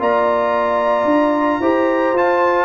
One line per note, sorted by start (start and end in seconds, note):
0.00 1.05 A#3
0.00 1.62 F4
0.00 1.61 D5
0.00 2.18 A#5
1.05 1.59 D4
1.60 2.13 E4
1.60 2.16 G4
1.60 2.65 C5
2.13 2.65 F4
2.13 2.65 A5